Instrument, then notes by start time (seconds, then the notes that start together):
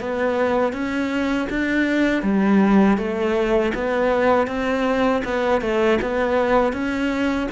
cello
0.00 B3
0.73 C#4
1.50 D4
2.23 G3
2.98 A3
3.75 B3
4.48 C4
5.25 B3
5.61 A3
6.02 B3
6.73 C#4